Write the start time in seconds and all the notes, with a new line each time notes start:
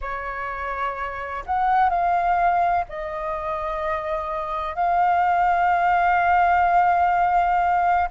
0.01 C#5
1.45 F#5
1.89 F5
2.88 D#5
4.75 F5